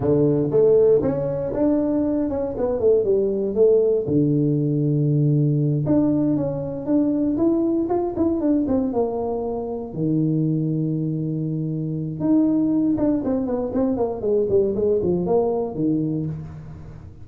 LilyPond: \new Staff \with { instrumentName = "tuba" } { \time 4/4 \tempo 4 = 118 d4 a4 cis'4 d'4~ | d'8 cis'8 b8 a8 g4 a4 | d2.~ d8 d'8~ | d'8 cis'4 d'4 e'4 f'8 |
e'8 d'8 c'8 ais2 dis8~ | dis1 | dis'4. d'8 c'8 b8 c'8 ais8 | gis8 g8 gis8 f8 ais4 dis4 | }